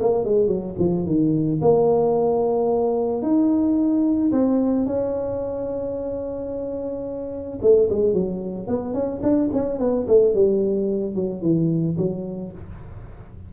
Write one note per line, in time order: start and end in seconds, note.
0.00 0.25 A#3
0.25 0.47 G#3
0.47 0.75 F#3
0.79 1.06 F3
1.06 1.60 D#3
1.61 3.22 A#3
3.22 4.31 D#4
4.32 4.86 C4
4.86 7.59 C#4
7.62 7.89 A3
7.90 8.13 G#3
8.13 8.68 F#3
8.68 8.94 B3
8.94 9.21 C#4
9.23 9.50 D4
9.53 9.79 C#4
9.79 10.06 B3
10.08 10.34 A3
10.34 11.15 G3
11.15 11.42 F#3
11.42 11.96 E3
11.97 12.52 F#3